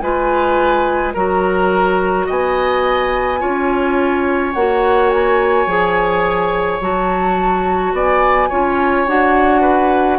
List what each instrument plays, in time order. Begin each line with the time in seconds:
0.00 bassoon G#3, clarinet F4, oboe B4, flute G#5
1.14 bassoon F#3, clarinet F#4, oboe A#4, flute A#5
2.27 bassoon B3, oboe D#5, flute G#5
3.40 bassoon C#4, clarinet F4, oboe C#5
4.54 bassoon A#3, clarinet F#4, flute F#5
5.10 flute G#5
5.67 bassoon F3, clarinet G#4
6.81 bassoon F#3, clarinet F#4, flute A5
7.93 bassoon B3, oboe D5, flute G#5
8.50 bassoon C#4, clarinet F4, oboe C#5
9.08 bassoon D4, clarinet F#4, flute F#5
9.61 oboe B4